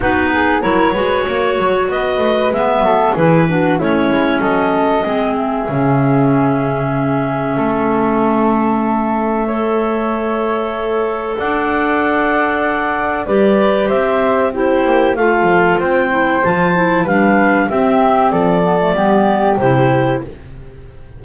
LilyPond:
<<
  \new Staff \with { instrumentName = "clarinet" } { \time 4/4 \tempo 4 = 95 b'4 cis''2 dis''4 | e''4 b'4 cis''4 dis''4~ | dis''8 e''2.~ e''8~ | e''1~ |
e''2 fis''2~ | fis''4 d''4 e''4 c''4 | f''4 g''4 a''4 f''4 | e''4 d''2 c''4 | }
  \new Staff \with { instrumentName = "flute" } { \time 4/4 fis'8 gis'8 ais'8 b'8 cis''4 b'4~ | b'8 a'8 gis'8 fis'8 e'4 a'4 | gis'1 | a'2. cis''4~ |
cis''2 d''2~ | d''4 b'4 c''4 g'4 | a'4 c''2 b'4 | g'4 a'4 g'2 | }
  \new Staff \with { instrumentName = "clarinet" } { \time 4/4 dis'4 e'8 fis'2~ fis'8 | b4 e'8 d'8 cis'2 | c'4 cis'2.~ | cis'2. a'4~ |
a'1~ | a'4 g'2 e'4 | f'4. e'8 f'8 e'8 d'4 | c'4. b16 a16 b4 e'4 | }
  \new Staff \with { instrumentName = "double bass" } { \time 4/4 b4 fis8 gis8 ais8 fis8 b8 a8 | gis8 fis8 e4 a8 gis8 fis4 | gis4 cis2. | a1~ |
a2 d'2~ | d'4 g4 c'4. ais8 | a8 f8 c'4 f4 g4 | c'4 f4 g4 c4 | }
>>